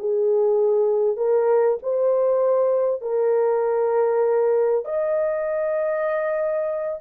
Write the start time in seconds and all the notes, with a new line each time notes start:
0.00 G#4
1.17 A#4
1.83 C5
3.02 A#4
4.86 D#5